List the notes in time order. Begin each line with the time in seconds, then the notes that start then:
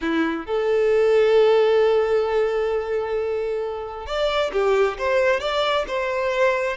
0.01 E4
0.46 A4
4.06 D5
4.52 G4
4.97 C5
5.40 D5
5.87 C5